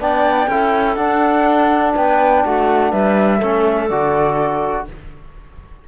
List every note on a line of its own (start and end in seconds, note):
0.00 0.48 B3
0.00 0.49 D4
0.00 0.50 D5
0.00 0.95 G5
0.48 0.96 C#4
0.48 0.98 E4
0.48 1.95 A4
0.95 1.94 D4
0.95 3.42 D4
0.95 1.92 F#5
1.95 2.45 B3
1.95 2.44 B4
1.95 2.46 G5
2.45 2.93 A3
2.45 2.91 F#4
2.45 2.92 F#5
2.91 3.42 G3
2.91 3.39 B4
2.91 3.90 E5
3.39 3.90 A3
3.39 3.91 C#4
3.39 4.85 A4
3.90 4.88 D3
3.90 4.89 F#4
3.90 4.87 D5